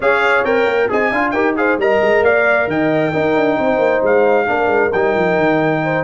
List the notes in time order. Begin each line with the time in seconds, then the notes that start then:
0.00 C#4 G#4 C#5 F5
0.44 C4 A#4 G5
0.65 A#3
0.89 C4 G#4 D#5 G#5
1.11 D4 F4 F5
1.30 D#4 G4 A#4 G5
1.56 G#4 C5 F5
1.77 G3 A#4 D#5 A#5
2.01 G#3
2.21 A#3 D5 F5
2.67 D#3 D#5 G5
3.12 D#4 A#4
3.35 D4
3.57 C4 C5
3.78 A#3
4.03 G#3 F5
4.46 A#3 D4 A#4
4.66 G#3
4.92 G3 D#4 G5
5.15 F3
5.37 D#3
5.83 C5